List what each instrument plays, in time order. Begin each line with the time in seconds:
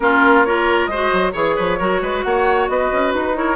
0.00 bassoon A#3, clarinet C#4, oboe F4, flute A#4
0.44 clarinet F4, oboe A#4, flute C#5
0.86 bassoon G#3, oboe C5, flute D#5
0.92 clarinet F#4
1.13 bassoon F#3
1.33 bassoon E3, clarinet G#4, oboe C#5, flute C#5
1.56 bassoon F3, oboe B4
1.78 bassoon F#3, clarinet F#4, oboe A#4
2.01 bassoon G#3, oboe B4
2.22 bassoon A#3, oboe C#5, flute F#5
2.68 bassoon B3, oboe B4, flute D#5
2.92 bassoon C#4
3.13 bassoon D#4, flute B4
3.34 clarinet E4, oboe A#4, flute C#5